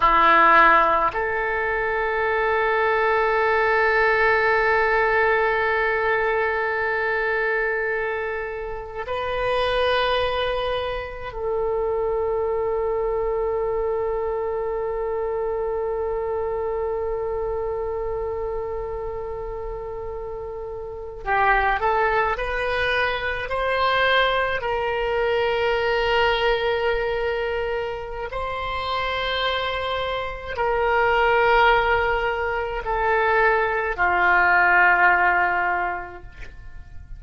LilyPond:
\new Staff \with { instrumentName = "oboe" } { \time 4/4 \tempo 4 = 53 e'4 a'2.~ | a'1 | b'2 a'2~ | a'1~ |
a'2~ a'8. g'8 a'8 b'16~ | b'8. c''4 ais'2~ ais'16~ | ais'4 c''2 ais'4~ | ais'4 a'4 f'2 | }